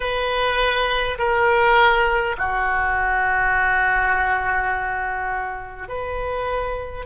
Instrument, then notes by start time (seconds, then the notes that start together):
oboe
0.00 B4
1.18 A#4
2.37 F#4
5.88 B4